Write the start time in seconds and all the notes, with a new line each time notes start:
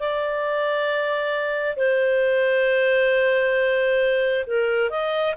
0.00 D5
1.77 C5
4.47 A#4
4.90 D#5